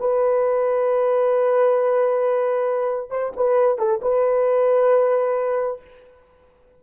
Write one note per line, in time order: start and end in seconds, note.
0.00 3.11 B4
3.11 3.33 C5
3.36 3.78 B4
3.78 4.01 A4
4.02 5.81 B4